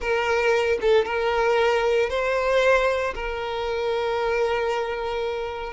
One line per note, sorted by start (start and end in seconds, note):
0.00 0.78 A#4
0.81 1.05 A4
1.05 2.09 A#4
2.09 3.14 C5
3.14 5.73 A#4